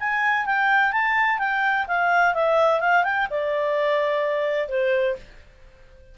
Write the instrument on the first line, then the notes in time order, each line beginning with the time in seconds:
clarinet
0.00 G#5
0.46 G5
0.92 A5
1.39 G5
1.88 F5
2.34 E5
2.80 F5
3.04 G5
3.30 D5
4.69 C5